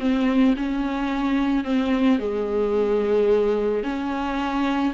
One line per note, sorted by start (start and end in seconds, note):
0.00 0.55 C4
0.57 1.65 C#4
1.65 2.20 C4
2.20 3.84 G#3
3.84 4.94 C#4